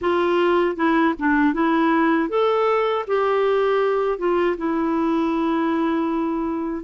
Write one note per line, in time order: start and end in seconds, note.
0.01 0.76 F4
0.76 1.14 E4
1.18 1.53 D4
1.53 2.29 E4
2.29 3.05 A4
3.07 4.18 G4
4.18 4.56 F4
4.57 6.83 E4